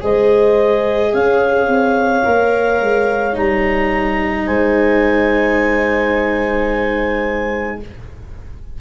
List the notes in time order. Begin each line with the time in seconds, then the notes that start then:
0.00 G#3 G#4 C5 D#5
1.13 C#4 C#5 F5
1.67 C4
2.24 A#3 A#4
2.81 G#3
3.33 G3 D#4 A#5
4.46 G#3 C5 G#5